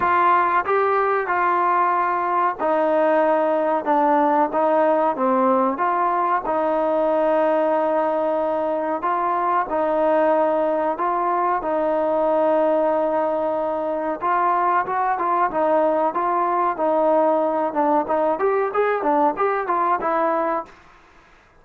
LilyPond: \new Staff \with { instrumentName = "trombone" } { \time 4/4 \tempo 4 = 93 f'4 g'4 f'2 | dis'2 d'4 dis'4 | c'4 f'4 dis'2~ | dis'2 f'4 dis'4~ |
dis'4 f'4 dis'2~ | dis'2 f'4 fis'8 f'8 | dis'4 f'4 dis'4. d'8 | dis'8 g'8 gis'8 d'8 g'8 f'8 e'4 | }